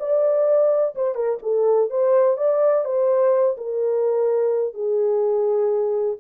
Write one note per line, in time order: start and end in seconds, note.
0.00 0.95 D5
0.96 1.15 C5
1.15 1.39 A#4
1.43 1.90 A4
1.91 2.38 C5
2.38 2.85 D5
2.85 3.57 C5
3.58 4.74 A#4
4.74 6.17 G#4